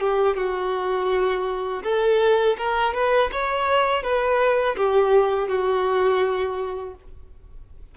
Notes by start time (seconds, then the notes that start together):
0.00 G4
0.36 F#4
1.83 A4
2.57 A#4
2.93 B4
3.31 C#5
4.02 B4
4.76 G4
5.48 F#4